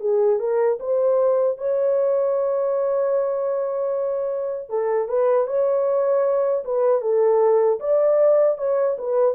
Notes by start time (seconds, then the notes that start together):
0.00 G#4
0.39 A#4
0.80 C5
1.57 C#5
4.69 A4
5.08 B4
5.47 C#5
6.64 B4
7.01 A4
7.79 D5
8.57 C#5
8.98 B4